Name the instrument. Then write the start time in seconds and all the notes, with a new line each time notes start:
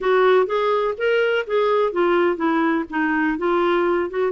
clarinet
0.00 F#4
0.46 G#4
0.97 A#4
1.46 G#4
1.92 F4
2.36 E4
2.89 D#4
3.38 F4
4.10 F#4